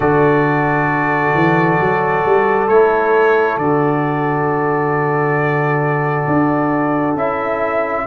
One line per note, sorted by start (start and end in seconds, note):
0.00 1.33 D3
0.00 2.68 F#4
0.00 8.02 A4
0.00 2.68 D5
1.34 1.78 E3
1.80 2.24 F#3
2.25 2.68 G3
2.68 3.57 A3
2.68 3.61 E4
2.68 3.57 C#5
3.57 6.26 D3
3.57 7.18 F#4
3.57 7.16 D5
6.26 7.15 D4
7.15 8.05 C#4
7.15 8.06 E4
7.15 8.06 E5